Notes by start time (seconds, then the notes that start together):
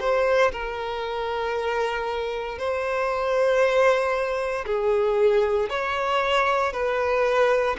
0.00 C5
0.52 A#4
2.59 C5
4.66 G#4
5.70 C#5
6.73 B4